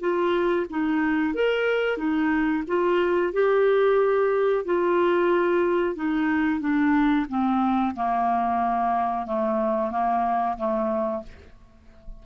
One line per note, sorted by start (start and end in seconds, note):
0.00 0.66 F4
0.70 1.34 D#4
1.34 1.97 A#4
1.97 2.63 D#4
2.67 3.33 F4
3.33 4.65 G4
4.65 5.95 F4
5.95 6.60 D#4
6.60 7.26 D4
7.29 7.95 C4
7.95 9.26 A#3
9.26 9.91 A3
9.91 10.56 A#3
10.57 11.23 A3